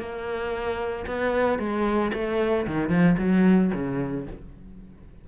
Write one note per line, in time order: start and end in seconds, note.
0.00 1.06 A#3
1.07 1.59 B3
1.59 2.12 G#3
2.14 2.67 A3
2.67 2.90 D#3
2.90 3.16 F3
3.19 3.72 F#3
3.74 4.27 C#3